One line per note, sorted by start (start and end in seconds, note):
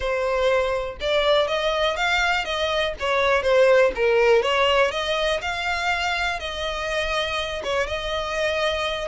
0.00 0.97 C5
1.00 1.47 D5
1.47 1.96 D#5
1.96 2.44 F5
2.44 2.94 D#5
2.99 3.42 C#5
3.42 3.91 C5
3.95 4.42 A#4
4.42 4.91 C#5
4.91 5.40 D#5
5.41 6.39 F5
6.39 7.62 D#5
7.63 7.86 C#5
7.86 9.08 D#5